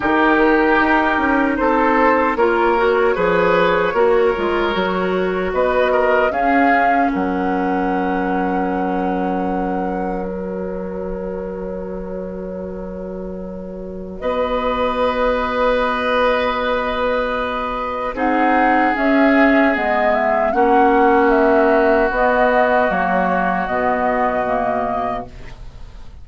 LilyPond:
<<
  \new Staff \with { instrumentName = "flute" } { \time 4/4 \tempo 4 = 76 ais'2 c''4 cis''4~ | cis''2. dis''4 | f''4 fis''2.~ | fis''4 cis''2.~ |
cis''2 dis''2~ | dis''2. fis''4 | e''4 dis''8 e''8 fis''4 e''4 | dis''4 cis''4 dis''2 | }
  \new Staff \with { instrumentName = "oboe" } { \time 4/4 g'2 a'4 ais'4 | b'4 ais'2 b'8 ais'8 | gis'4 ais'2.~ | ais'1~ |
ais'2 b'2~ | b'2. gis'4~ | gis'2 fis'2~ | fis'1 | }
  \new Staff \with { instrumentName = "clarinet" } { \time 4/4 dis'2. f'8 fis'8 | gis'4 fis'8 f'8 fis'2 | cis'1~ | cis'4 fis'2.~ |
fis'1~ | fis'2. dis'4 | cis'4 b4 cis'2 | b4 ais4 b4 ais4 | }
  \new Staff \with { instrumentName = "bassoon" } { \time 4/4 dis4 dis'8 cis'8 c'4 ais4 | f4 ais8 gis8 fis4 b4 | cis'4 fis2.~ | fis1~ |
fis2 b2~ | b2. c'4 | cis'4 gis4 ais2 | b4 fis4 b,2 | }
>>